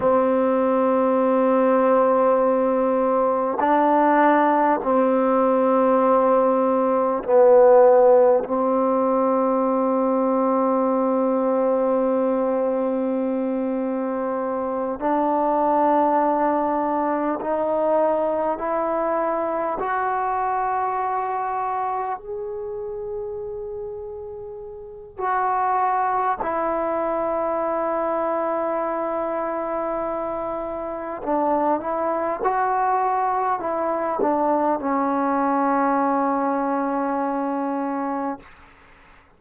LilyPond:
\new Staff \with { instrumentName = "trombone" } { \time 4/4 \tempo 4 = 50 c'2. d'4 | c'2 b4 c'4~ | c'1~ | c'8 d'2 dis'4 e'8~ |
e'8 fis'2 gis'4.~ | gis'4 fis'4 e'2~ | e'2 d'8 e'8 fis'4 | e'8 d'8 cis'2. | }